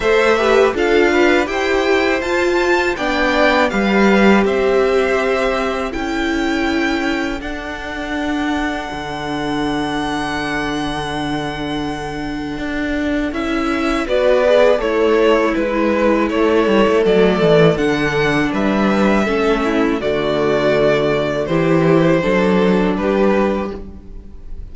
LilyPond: <<
  \new Staff \with { instrumentName = "violin" } { \time 4/4 \tempo 4 = 81 e''4 f''4 g''4 a''4 | g''4 f''4 e''2 | g''2 fis''2~ | fis''1~ |
fis''2 e''4 d''4 | cis''4 b'4 cis''4 d''4 | fis''4 e''2 d''4~ | d''4 c''2 b'4 | }
  \new Staff \with { instrumentName = "violin" } { \time 4/4 c''8 b'8 a'8 b'8 c''2 | d''4 b'4 c''2 | a'1~ | a'1~ |
a'2. b'4 | e'2 a'2~ | a'4 b'4 a'8 e'8 fis'4~ | fis'4 g'4 a'4 g'4 | }
  \new Staff \with { instrumentName = "viola" } { \time 4/4 a'8 g'8 f'4 g'4 f'4 | d'4 g'2. | e'2 d'2~ | d'1~ |
d'2 e'4 fis'8 gis'8 | a'4 e'2 a4 | d'2 cis'4 a4~ | a4 e'4 d'2 | }
  \new Staff \with { instrumentName = "cello" } { \time 4/4 a4 d'4 e'4 f'4 | b4 g4 c'2 | cis'2 d'2 | d1~ |
d4 d'4 cis'4 b4 | a4 gis4 a8 g16 a16 fis8 e8 | d4 g4 a4 d4~ | d4 e4 fis4 g4 | }
>>